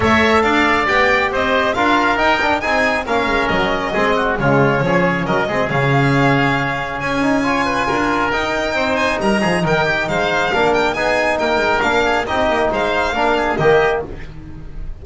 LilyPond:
<<
  \new Staff \with { instrumentName = "violin" } { \time 4/4 \tempo 4 = 137 e''4 f''4 g''4 dis''4 | f''4 g''4 gis''4 f''4 | dis''2 cis''2 | dis''4 f''2. |
gis''2. g''4~ | g''8 gis''8 ais''4 g''4 f''4~ | f''8 g''8 gis''4 g''4 f''4 | dis''4 f''2 dis''4 | }
  \new Staff \with { instrumentName = "oboe" } { \time 4/4 cis''4 d''2 c''4 | ais'2 gis'4 ais'4~ | ais'4 gis'8 fis'8 f'4 gis'4 | ais'8 gis'2.~ gis'8~ |
gis'4 cis''8 b'8 ais'2 | c''4 ais'8 gis'8 ais'8 g'8 c''4 | ais'4 gis'4 ais'4. gis'8 | g'4 c''4 ais'8 gis'8 g'4 | }
  \new Staff \with { instrumentName = "trombone" } { \time 4/4 a'2 g'2 | f'4 dis'8 d'8 dis'4 cis'4~ | cis'4 c'4 gis4 cis'4~ | cis'8 c'8 cis'2.~ |
cis'8 dis'8 f'2 dis'4~ | dis'1 | d'4 dis'2 d'4 | dis'2 d'4 ais4 | }
  \new Staff \with { instrumentName = "double bass" } { \time 4/4 a4 d'4 b4 c'4 | d'4 dis'4 c'4 ais8 gis8 | fis4 gis4 cis4 f4 | fis8 gis8 cis2. |
cis'2 d'4 dis'4 | c'4 g8 f8 dis4 gis4 | ais4 b4 ais8 gis8 ais4 | c'8 ais8 gis4 ais4 dis4 | }
>>